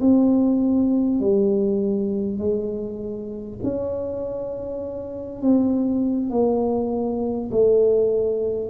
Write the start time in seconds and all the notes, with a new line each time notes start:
0.00 C4
1.19 G3
2.38 G#3
3.63 C#4
5.41 C4
6.30 A#3
7.51 A3